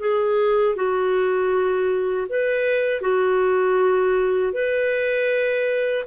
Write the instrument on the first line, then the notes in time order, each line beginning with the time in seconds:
clarinet
0.00 G#4
0.76 F#4
2.29 B4
3.02 F#4
4.53 B4